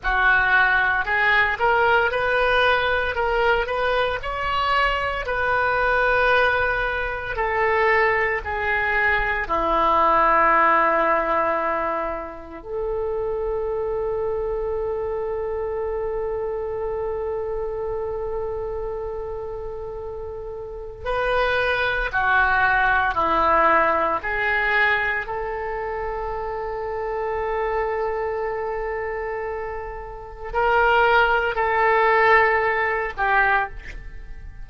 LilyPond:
\new Staff \with { instrumentName = "oboe" } { \time 4/4 \tempo 4 = 57 fis'4 gis'8 ais'8 b'4 ais'8 b'8 | cis''4 b'2 a'4 | gis'4 e'2. | a'1~ |
a'1 | b'4 fis'4 e'4 gis'4 | a'1~ | a'4 ais'4 a'4. g'8 | }